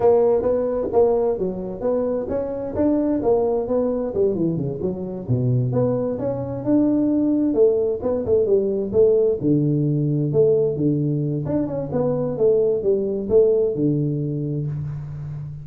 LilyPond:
\new Staff \with { instrumentName = "tuba" } { \time 4/4 \tempo 4 = 131 ais4 b4 ais4 fis4 | b4 cis'4 d'4 ais4 | b4 g8 e8 cis8 fis4 b,8~ | b,8 b4 cis'4 d'4.~ |
d'8 a4 b8 a8 g4 a8~ | a8 d2 a4 d8~ | d4 d'8 cis'8 b4 a4 | g4 a4 d2 | }